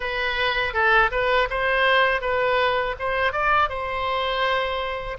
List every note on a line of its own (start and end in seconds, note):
0.00 0.73 B4
0.73 1.10 A4
1.11 1.48 B4
1.50 2.21 C5
2.21 2.95 B4
2.99 3.32 C5
3.32 3.69 D5
3.69 5.17 C5